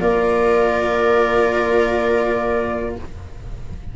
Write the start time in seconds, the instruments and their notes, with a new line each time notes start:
0.00 tuba A#3, cello F4, viola A#4, flute D5